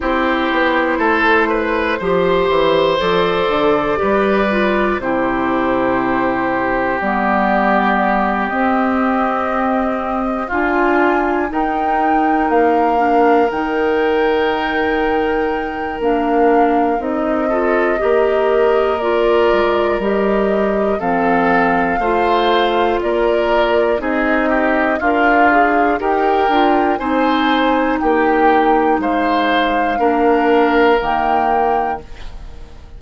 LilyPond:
<<
  \new Staff \with { instrumentName = "flute" } { \time 4/4 \tempo 4 = 60 c''2. d''4~ | d''4 c''2 d''4~ | d''8 dis''2 gis''4 g''8~ | g''8 f''4 g''2~ g''8 |
f''4 dis''2 d''4 | dis''4 f''2 d''4 | dis''4 f''4 g''4 gis''4 | g''4 f''2 g''4 | }
  \new Staff \with { instrumentName = "oboe" } { \time 4/4 g'4 a'8 b'8 c''2 | b'4 g'2.~ | g'2~ g'8 f'4 ais'8~ | ais'1~ |
ais'4. a'8 ais'2~ | ais'4 a'4 c''4 ais'4 | gis'8 g'8 f'4 ais'4 c''4 | g'4 c''4 ais'2 | }
  \new Staff \with { instrumentName = "clarinet" } { \time 4/4 e'2 g'4 a'4 | g'8 f'8 e'2 b4~ | b8 c'2 f'4 dis'8~ | dis'4 d'8 dis'2~ dis'8 |
d'4 dis'8 f'8 g'4 f'4 | g'4 c'4 f'2 | dis'4 ais'8 gis'8 g'8 f'8 dis'4~ | dis'2 d'4 ais4 | }
  \new Staff \with { instrumentName = "bassoon" } { \time 4/4 c'8 b8 a4 f8 e8 f8 d8 | g4 c2 g4~ | g8 c'2 d'4 dis'8~ | dis'8 ais4 dis2~ dis8 |
ais4 c'4 ais4. gis8 | g4 f4 a4 ais4 | c'4 d'4 dis'8 d'8 c'4 | ais4 gis4 ais4 dis4 | }
>>